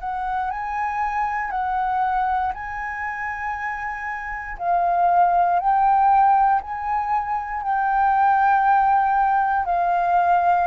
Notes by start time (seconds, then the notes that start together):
0.00 F#5
0.50 G#5
1.50 F#5
2.53 G#5
4.58 F5
5.59 G5
6.61 G#5
7.62 G5
9.65 F5